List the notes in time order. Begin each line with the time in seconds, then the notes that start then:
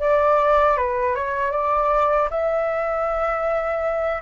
0.00 D5
0.77 B4
1.15 C#5
1.52 D5
2.30 E5